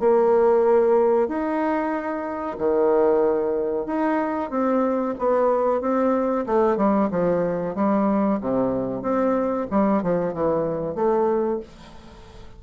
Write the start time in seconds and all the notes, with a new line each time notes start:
0.00 A#3
1.28 D#4
2.59 D#3
3.87 D#4
4.50 C4
5.19 B3
5.81 C4
6.46 A3
6.77 G3
7.11 F3
7.75 G3
8.41 C3
9.02 C4
9.71 G3
10.03 F3
10.33 E3
10.95 A3